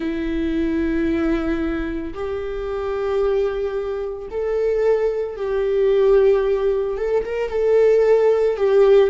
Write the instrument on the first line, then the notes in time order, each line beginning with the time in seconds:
viola
0.00 E4
2.14 G4
4.31 A4
5.36 G4
6.96 A4
7.25 A#4
7.50 A4
8.57 G4